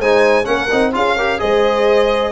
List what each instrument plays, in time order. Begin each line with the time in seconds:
0.00 tuba G#3, trombone D#4, horn C5, violin G#5
0.45 tuba A#3, trombone C#4, horn A#4, violin F#5
0.71 tuba C4, trombone D#4
0.93 tuba C#4, trombone F4, horn G#4, violin F5
1.17 trombone G4, horn A#4
1.39 tuba G#3, trombone G#4, horn C5, violin D#5